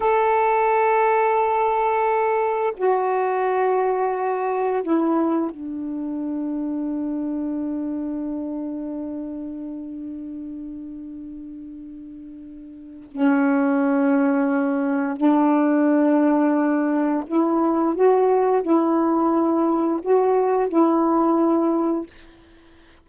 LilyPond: \new Staff \with { instrumentName = "saxophone" } { \time 4/4 \tempo 4 = 87 a'1 | fis'2. e'4 | d'1~ | d'1~ |
d'2. cis'4~ | cis'2 d'2~ | d'4 e'4 fis'4 e'4~ | e'4 fis'4 e'2 | }